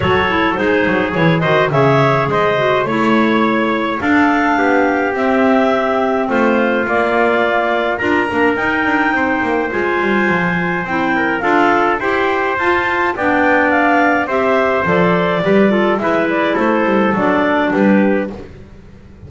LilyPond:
<<
  \new Staff \with { instrumentName = "clarinet" } { \time 4/4 \tempo 4 = 105 cis''4 c''4 cis''8 dis''8 e''4 | dis''4 cis''2 f''4~ | f''4 e''2 c''4 | d''2 ais''4 g''4~ |
g''4 gis''2 g''4 | f''4 g''4 a''4 g''4 | f''4 e''4 d''2 | e''8 d''8 c''4 d''4 b'4 | }
  \new Staff \with { instrumentName = "trumpet" } { \time 4/4 a'4 gis'4. c''8 cis''4 | c''4 cis''2 a'4 | g'2. f'4~ | f'2 ais'2 |
c''2.~ c''8 ais'8 | a'4 c''2 d''4~ | d''4 c''2 b'8 a'8 | b'4 a'2 g'4 | }
  \new Staff \with { instrumentName = "clarinet" } { \time 4/4 fis'8 e'8 dis'4 e'8 fis'8 gis'4~ | gis'8 fis'8 e'2 d'4~ | d'4 c'2. | ais2 f'8 d'8 dis'4~ |
dis'4 f'2 e'4 | f'4 g'4 f'4 d'4~ | d'4 g'4 a'4 g'8 f'8 | e'2 d'2 | }
  \new Staff \with { instrumentName = "double bass" } { \time 4/4 fis4 gis8 fis8 e8 dis8 cis4 | gis4 a2 d'4 | b4 c'2 a4 | ais2 d'8 ais8 dis'8 d'8 |
c'8 ais8 gis8 g8 f4 c'4 | d'4 e'4 f'4 b4~ | b4 c'4 f4 g4 | gis4 a8 g8 fis4 g4 | }
>>